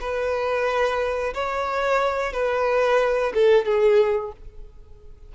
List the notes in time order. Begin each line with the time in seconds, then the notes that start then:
0.00 B4
1.34 C#5
2.32 B4
3.34 A4
3.65 G#4